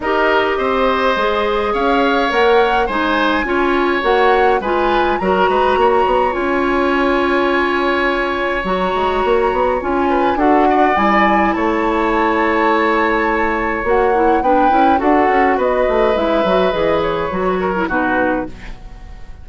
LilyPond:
<<
  \new Staff \with { instrumentName = "flute" } { \time 4/4 \tempo 4 = 104 dis''2. f''4 | fis''4 gis''2 fis''4 | gis''4 ais''2 gis''4~ | gis''2. ais''4~ |
ais''4 gis''4 fis''4 gis''4 | a''1 | fis''4 g''4 fis''4 dis''4 | e''4 dis''8 cis''4. b'4 | }
  \new Staff \with { instrumentName = "oboe" } { \time 4/4 ais'4 c''2 cis''4~ | cis''4 c''4 cis''2 | b'4 ais'8 b'8 cis''2~ | cis''1~ |
cis''4. b'8 a'8 d''4. | cis''1~ | cis''4 b'4 a'4 b'4~ | b'2~ b'8 ais'8 fis'4 | }
  \new Staff \with { instrumentName = "clarinet" } { \time 4/4 g'2 gis'2 | ais'4 dis'4 f'4 fis'4 | f'4 fis'2 f'4~ | f'2. fis'4~ |
fis'4 f'4 fis'4 e'4~ | e'1 | fis'8 e'8 d'8 e'8 fis'2 | e'8 fis'8 gis'4 fis'8. e'16 dis'4 | }
  \new Staff \with { instrumentName = "bassoon" } { \time 4/4 dis'4 c'4 gis4 cis'4 | ais4 gis4 cis'4 ais4 | gis4 fis8 gis8 ais8 b8 cis'4~ | cis'2. fis8 gis8 |
ais8 b8 cis'4 d'4 g4 | a1 | ais4 b8 cis'8 d'8 cis'8 b8 a8 | gis8 fis8 e4 fis4 b,4 | }
>>